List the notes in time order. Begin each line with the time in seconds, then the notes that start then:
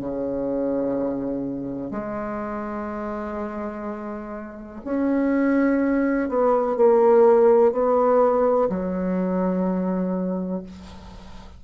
0.00 C#3
1.91 G#3
4.85 C#4
6.29 B3
6.77 A#3
7.72 B3
8.70 F#3